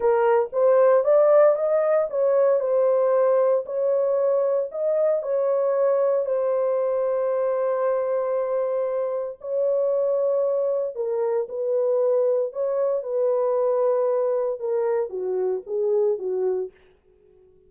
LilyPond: \new Staff \with { instrumentName = "horn" } { \time 4/4 \tempo 4 = 115 ais'4 c''4 d''4 dis''4 | cis''4 c''2 cis''4~ | cis''4 dis''4 cis''2 | c''1~ |
c''2 cis''2~ | cis''4 ais'4 b'2 | cis''4 b'2. | ais'4 fis'4 gis'4 fis'4 | }